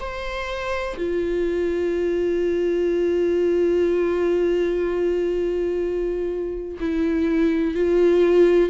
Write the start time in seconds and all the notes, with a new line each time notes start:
0.00 C5
0.97 F4
6.80 E4
7.74 F4